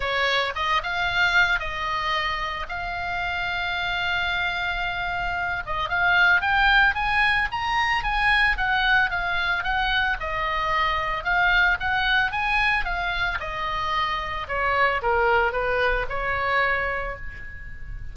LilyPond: \new Staff \with { instrumentName = "oboe" } { \time 4/4 \tempo 4 = 112 cis''4 dis''8 f''4. dis''4~ | dis''4 f''2.~ | f''2~ f''8 dis''8 f''4 | g''4 gis''4 ais''4 gis''4 |
fis''4 f''4 fis''4 dis''4~ | dis''4 f''4 fis''4 gis''4 | f''4 dis''2 cis''4 | ais'4 b'4 cis''2 | }